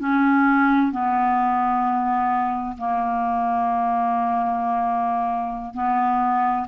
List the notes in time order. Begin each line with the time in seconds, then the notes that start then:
0.00 C#4
0.92 B3
2.78 A#3
5.74 B3